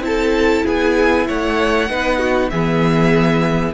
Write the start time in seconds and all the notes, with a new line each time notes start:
0.00 C4 E4 A5
0.06 A4
0.65 B3 G#4 G#5
1.28 A3 C#5 F#5
1.89 B3 D#4 B4
2.18 F#4
2.50 E3 B3 G#4 E5